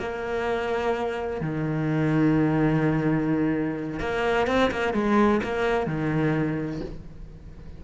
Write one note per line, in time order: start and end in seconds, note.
0.00 1.42 A#3
1.42 4.00 D#3
4.00 4.48 A#3
4.48 4.71 C4
4.71 4.94 A#3
4.94 5.41 G#3
5.44 5.87 A#3
5.87 6.82 D#3